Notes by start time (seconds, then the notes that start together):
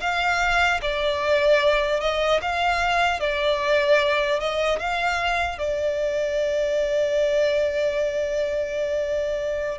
0.00 F5
0.81 D5
2.00 D#5
2.41 F5
3.20 D5
4.40 D#5
4.79 F5
5.58 D5